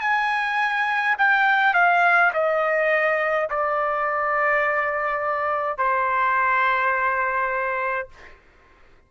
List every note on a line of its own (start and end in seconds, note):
0.00 1.15 G#5
1.18 1.74 G5
1.74 2.31 F5
2.33 3.48 D#5
3.49 5.77 D5
5.77 8.08 C5